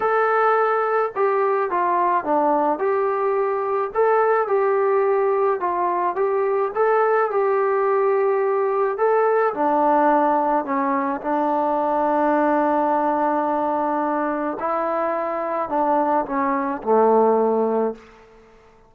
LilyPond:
\new Staff \with { instrumentName = "trombone" } { \time 4/4 \tempo 4 = 107 a'2 g'4 f'4 | d'4 g'2 a'4 | g'2 f'4 g'4 | a'4 g'2. |
a'4 d'2 cis'4 | d'1~ | d'2 e'2 | d'4 cis'4 a2 | }